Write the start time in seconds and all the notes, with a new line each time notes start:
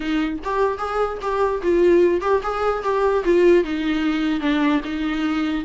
0.00 D#4
0.43 G4
0.78 G#4
1.21 G4
1.62 F4
2.21 G4
2.42 G#4
2.83 G4
3.24 F4
3.64 D#4
4.40 D4
4.84 D#4